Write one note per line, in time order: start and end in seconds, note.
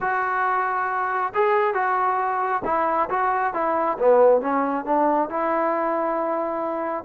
0.01 1.33 F#4
1.34 1.74 G#4
1.74 2.62 F#4
2.65 3.09 E4
3.09 3.53 F#4
3.53 3.97 E4
3.98 4.41 B3
4.41 4.85 C#4
4.85 5.29 D4
5.29 7.04 E4